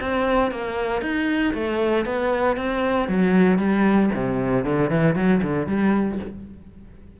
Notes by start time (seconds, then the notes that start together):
0.00 C4
0.51 A#3
1.02 D#4
1.54 A3
2.05 B3
2.57 C4
3.08 F#3
3.58 G3
4.14 C3
4.64 D3
4.90 E3
5.15 F#3
5.42 D3
5.67 G3